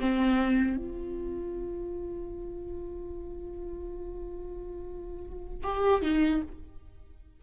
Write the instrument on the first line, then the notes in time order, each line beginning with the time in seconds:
viola
0.00 C4
0.77 F4
5.64 G4
6.02 D#4